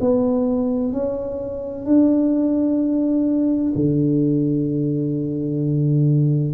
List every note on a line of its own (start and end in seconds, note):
0.00 0.92 B3
0.92 1.85 C#4
1.85 3.72 D4
3.75 6.53 D3